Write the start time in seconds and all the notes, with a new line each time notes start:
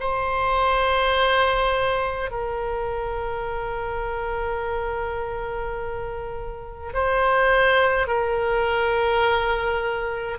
0.00 C5
2.31 A#4
6.93 C5
8.07 A#4